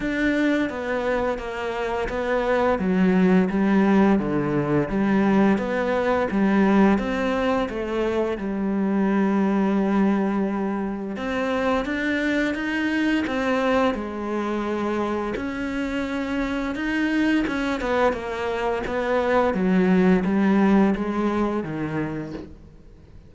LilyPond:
\new Staff \with { instrumentName = "cello" } { \time 4/4 \tempo 4 = 86 d'4 b4 ais4 b4 | fis4 g4 d4 g4 | b4 g4 c'4 a4 | g1 |
c'4 d'4 dis'4 c'4 | gis2 cis'2 | dis'4 cis'8 b8 ais4 b4 | fis4 g4 gis4 dis4 | }